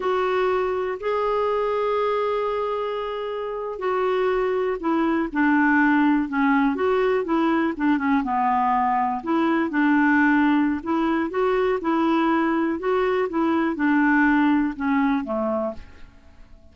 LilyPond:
\new Staff \with { instrumentName = "clarinet" } { \time 4/4 \tempo 4 = 122 fis'2 gis'2~ | gis'2.~ gis'8. fis'16~ | fis'4.~ fis'16 e'4 d'4~ d'16~ | d'8. cis'4 fis'4 e'4 d'16~ |
d'16 cis'8 b2 e'4 d'16~ | d'2 e'4 fis'4 | e'2 fis'4 e'4 | d'2 cis'4 a4 | }